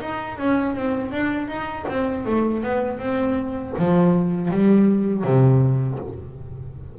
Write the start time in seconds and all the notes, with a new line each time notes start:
0.00 D#4
0.38 C#4
0.75 C4
1.11 D4
1.48 D#4
1.88 C4
2.25 A3
2.62 B3
2.98 C4
3.78 F3
4.50 G3
5.24 C3